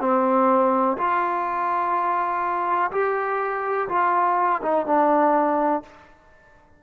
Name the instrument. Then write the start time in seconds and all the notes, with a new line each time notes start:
trombone
0.00 C4
0.97 F4
2.91 G4
3.88 F4
4.62 D#4
4.86 D4